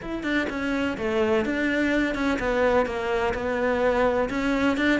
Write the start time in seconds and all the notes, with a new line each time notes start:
0.02 E4
0.23 D4
0.49 C#4
0.97 A3
1.45 D4
2.14 C#4
2.39 B3
2.85 A#3
3.34 B3
4.29 C#4
4.77 D4